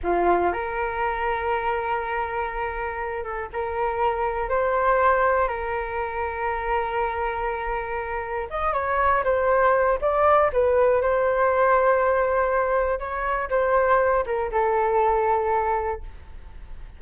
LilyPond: \new Staff \with { instrumentName = "flute" } { \time 4/4 \tempo 4 = 120 f'4 ais'2.~ | ais'2~ ais'8 a'8 ais'4~ | ais'4 c''2 ais'4~ | ais'1~ |
ais'4 dis''8 cis''4 c''4. | d''4 b'4 c''2~ | c''2 cis''4 c''4~ | c''8 ais'8 a'2. | }